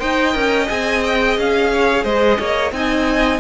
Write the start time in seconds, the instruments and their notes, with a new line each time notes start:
0.00 cello D#4, viola C5, violin D#5 G5
0.34 cello C#4, viola A#4
0.67 cello C4, viola G#4, violin G#5
1.04 violin G5
1.37 cello C#4, violin F5
1.73 violin C#5
2.04 cello G#3, violin C5 D#5
2.39 cello A#3, violin C#5
2.72 cello C4, viola D#4, violin D#5 G#5